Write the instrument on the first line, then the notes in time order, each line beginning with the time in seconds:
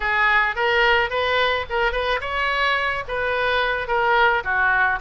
oboe
0.00 G#4
0.55 A#4
1.10 B4
1.69 A#4
1.92 B4
2.20 C#5
3.07 B4
3.87 A#4
4.43 F#4